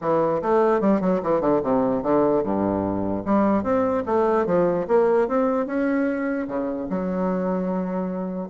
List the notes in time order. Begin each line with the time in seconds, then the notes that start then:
0.01 E3
0.41 A3
0.80 G3
1.00 F#3
1.22 E3
1.40 D3
1.63 C3
2.02 D3
2.43 G2
3.25 G3
3.63 C4
4.05 A3
4.46 F3
4.87 A#3
5.28 C4
5.66 C#4
6.47 C#3
6.89 F#3